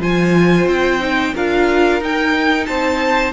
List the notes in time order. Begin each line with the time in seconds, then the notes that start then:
0.00 F3 F4 C5 G#5
0.67 C4 G5
1.00 D#4
1.34 D4 F4 A#4 F5
2.01 D#4 G5
2.67 C4 C5 A5